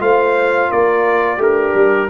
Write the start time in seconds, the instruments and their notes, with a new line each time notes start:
0.00 tuba A3, trombone F4, horn C5, trumpet F5
0.70 tuba A#3, horn A#4, trumpet D5
1.38 tuba A3, horn D4, trombone G4, trumpet A#4
1.75 tuba G3